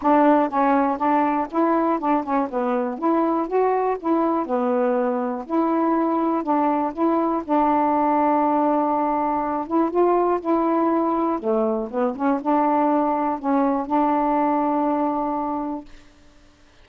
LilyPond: \new Staff \with { instrumentName = "saxophone" } { \time 4/4 \tempo 4 = 121 d'4 cis'4 d'4 e'4 | d'8 cis'8 b4 e'4 fis'4 | e'4 b2 e'4~ | e'4 d'4 e'4 d'4~ |
d'2.~ d'8 e'8 | f'4 e'2 a4 | b8 cis'8 d'2 cis'4 | d'1 | }